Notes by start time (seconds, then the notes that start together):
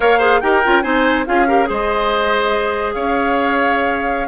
0.00 A#3 A#4 C#5 F5
0.18 G#4 C5
0.40 D#4 G4 A#4 G5
0.64 C#4 F4
0.82 C4 D#4 C5 G#5
1.26 C#4 F4 G#4 F5
1.47 G4 A#4
1.64 G#3 G#4 C5 D#5
2.93 C#4 C#5 F5